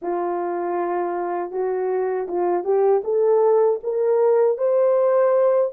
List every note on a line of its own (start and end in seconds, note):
0.01 1.51 F4
1.51 2.27 F#4
2.28 2.64 F4
2.64 3.02 G4
3.04 3.80 A4
3.83 4.57 A#4
4.57 5.71 C5